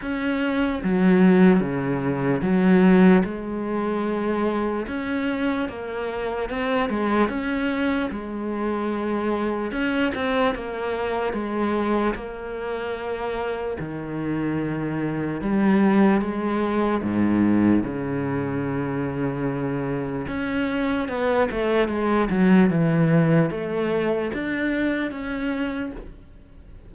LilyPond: \new Staff \with { instrumentName = "cello" } { \time 4/4 \tempo 4 = 74 cis'4 fis4 cis4 fis4 | gis2 cis'4 ais4 | c'8 gis8 cis'4 gis2 | cis'8 c'8 ais4 gis4 ais4~ |
ais4 dis2 g4 | gis4 gis,4 cis2~ | cis4 cis'4 b8 a8 gis8 fis8 | e4 a4 d'4 cis'4 | }